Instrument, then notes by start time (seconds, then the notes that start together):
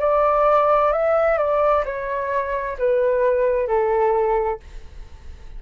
flute
0.00 D5
0.92 E5
1.38 D5
1.85 C#5
2.79 B4
3.68 A4